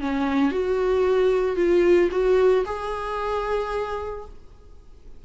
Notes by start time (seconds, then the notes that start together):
0.00 C#4
0.51 F#4
1.56 F4
2.11 F#4
2.65 G#4